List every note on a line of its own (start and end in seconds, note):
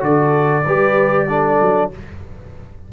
0.00 0.65 D3
0.00 0.62 F#4
0.00 0.65 A4
0.00 1.91 D5
0.65 1.60 G3
0.65 1.29 G4
0.65 1.28 B4
1.29 1.91 D4
1.29 1.91 A4
1.61 1.93 F#3